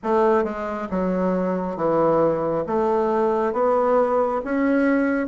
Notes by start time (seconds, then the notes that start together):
0.03 A3
0.44 G#3
0.90 F#3
1.76 E3
2.66 A3
3.53 B3
4.44 C#4